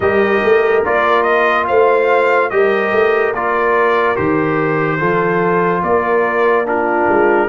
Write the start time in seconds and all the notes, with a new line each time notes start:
0.00 G3 G4 A#4 D#5
0.43 A3
0.85 A#3 F4 D5
1.23 D#5
1.67 A3 C5 F5
2.50 G3 G4 A#4 D#5
2.92 A3
3.33 A#3 F4 D5
4.15 D#3 G4 C5
4.98 F3 F4 A4
5.82 A#3 A#4 D5
6.65 D4 F4 A#4
7.08 G#3